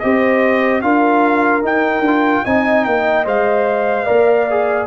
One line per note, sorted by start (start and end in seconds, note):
0.00 0.82 C4
0.00 0.82 G4
0.00 0.84 C5
0.00 0.81 D#5
0.82 1.63 D4
0.82 1.62 F4
0.82 2.45 A#4
0.82 1.63 F5
1.62 2.03 D#4
1.62 2.00 D#4
1.62 2.46 G5
2.00 2.40 D4
2.07 2.46 F4
2.45 2.86 C4
2.45 3.25 D#4
2.45 4.06 D#5
2.45 2.85 G#5
2.85 3.26 A#3
2.85 3.25 G5
3.25 4.07 G#3
3.25 4.06 C5
3.25 4.87 F5
4.06 4.87 A#3
4.06 4.47 A#4
4.06 4.87 D5
4.50 4.87 G#4